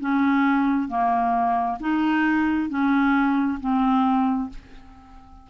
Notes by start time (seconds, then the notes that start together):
0.00 C#4
0.88 A#3
1.80 D#4
2.69 C#4
3.60 C4